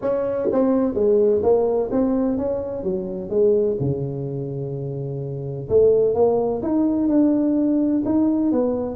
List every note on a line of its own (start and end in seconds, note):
0.01 0.49 C#4
0.52 0.94 C4
0.94 1.41 G#3
1.42 1.90 A#3
1.91 2.37 C4
2.37 2.83 C#4
2.83 3.29 F#3
3.29 3.76 G#3
3.79 5.68 C#3
5.69 6.14 A3
6.14 6.61 A#3
6.62 7.08 D#4
7.08 8.02 D4
8.05 8.52 D#4
8.52 8.95 B3